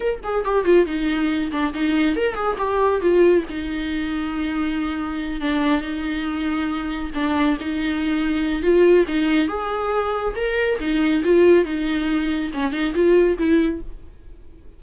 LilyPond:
\new Staff \with { instrumentName = "viola" } { \time 4/4 \tempo 4 = 139 ais'8 gis'8 g'8 f'8 dis'4. d'8 | dis'4 ais'8 gis'8 g'4 f'4 | dis'1~ | dis'8 d'4 dis'2~ dis'8~ |
dis'8 d'4 dis'2~ dis'8 | f'4 dis'4 gis'2 | ais'4 dis'4 f'4 dis'4~ | dis'4 cis'8 dis'8 f'4 e'4 | }